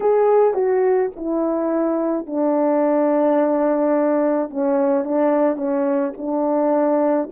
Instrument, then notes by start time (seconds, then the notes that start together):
horn
0.00 G#4
0.54 F#4
1.15 E4
2.26 D4
4.50 C#4
5.04 D4
5.56 C#4
6.17 D4